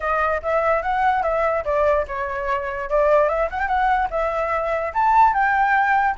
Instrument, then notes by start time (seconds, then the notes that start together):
flute
0.00 D#5
0.42 E5
0.82 F#5
1.23 E5
1.65 D5
2.07 C#5
2.89 D5
3.28 E5
3.50 F#5
3.59 G5
3.67 F#5
4.10 E5
4.93 A5
5.33 G5